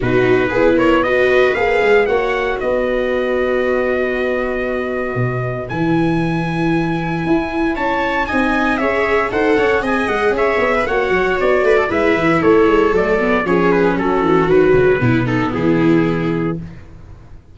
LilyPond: <<
  \new Staff \with { instrumentName = "trumpet" } { \time 4/4 \tempo 4 = 116 b'4. cis''8 dis''4 f''4 | fis''4 dis''2.~ | dis''2. gis''4~ | gis''2. a''4 |
gis''4 e''4 fis''4 gis''8 fis''8 | e''4 fis''4 d''4 e''4 | cis''4 d''4 cis''8 b'8 a'4 | b'4. a'8 gis'2 | }
  \new Staff \with { instrumentName = "viola" } { \time 4/4 fis'4 gis'8 ais'8 b'2 | cis''4 b'2.~ | b'1~ | b'2. cis''4 |
dis''4 cis''4 c''8 cis''8 dis''4 | cis''8. b'16 cis''4. b'16 a'16 b'4 | a'2 gis'4 fis'4~ | fis'4 e'8 dis'8 e'2 | }
  \new Staff \with { instrumentName = "viola" } { \time 4/4 dis'4 e'4 fis'4 gis'4 | fis'1~ | fis'2. e'4~ | e'1 |
dis'4 gis'4 a'4 gis'4~ | gis'4 fis'2 e'4~ | e'4 a8 b8 cis'2 | fis4 b2. | }
  \new Staff \with { instrumentName = "tuba" } { \time 4/4 b,4 b2 ais8 gis8 | ais4 b2.~ | b2 b,4 e4~ | e2 e'4 cis'4 |
c'4 cis'4 dis'8 cis'8 c'8 gis8 | cis'8 b8 ais8 fis8 b8 a8 gis8 e8 | a8 gis8 fis4 f4 fis8 e8 | dis8 cis8 b,4 e2 | }
>>